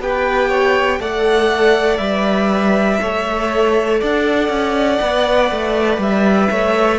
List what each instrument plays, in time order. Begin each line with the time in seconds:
0.00 cello B3, viola G4, violin B4 G5
0.49 violin C#5
1.00 cello A3, viola A4, violin D5 F#5
1.98 cello G3, viola B4, violin E5
3.02 cello A3, viola A4, violin C#5
4.01 cello D4, violin D5 F#5
4.49 cello C#4
5.01 cello B3, viola B4
5.51 cello A3
5.99 cello G3, violin E5
6.51 cello A3, violin C#5